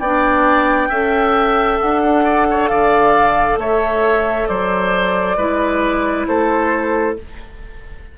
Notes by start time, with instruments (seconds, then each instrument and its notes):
0.00 bassoon B3, clarinet D4, oboe D5, flute G5
0.90 bassoon C#4, clarinet A4, oboe E5
1.80 bassoon D4, flute F#5
2.05 oboe D4
2.24 oboe D5
2.51 oboe C#5
2.68 bassoon D3, oboe D5, flute F5
3.58 bassoon A3, oboe C#5, flute E5
4.48 bassoon F#3, oboe C5, flute D5
5.37 bassoon G#3, clarinet E4, oboe B4
6.27 bassoon A3, oboe A4, flute C5